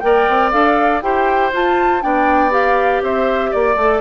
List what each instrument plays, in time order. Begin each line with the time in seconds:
0.00 bassoon A#3, clarinet A#4, oboe D5, flute G5
0.28 bassoon C4
0.52 bassoon D4, clarinet A4, flute F5
1.02 bassoon E4, clarinet G4, oboe C5, flute G5
1.53 clarinet F4, bassoon F4, flute A5
2.01 bassoon B3, clarinet D4, oboe D5, flute G5
2.50 clarinet G4, flute F5
3.02 bassoon C4, oboe C5, flute E5
3.51 bassoon A#3, oboe D5, flute D5
3.76 bassoon A3, clarinet A4